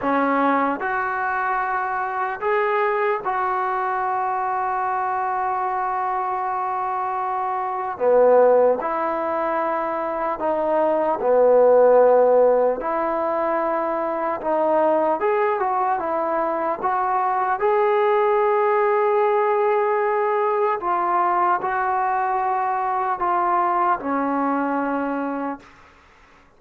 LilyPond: \new Staff \with { instrumentName = "trombone" } { \time 4/4 \tempo 4 = 75 cis'4 fis'2 gis'4 | fis'1~ | fis'2 b4 e'4~ | e'4 dis'4 b2 |
e'2 dis'4 gis'8 fis'8 | e'4 fis'4 gis'2~ | gis'2 f'4 fis'4~ | fis'4 f'4 cis'2 | }